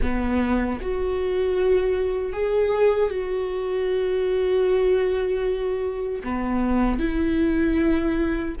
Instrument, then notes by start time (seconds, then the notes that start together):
viola
0.02 B3
0.81 F#4
2.32 G#4
3.10 F#4
6.23 B3
6.99 E4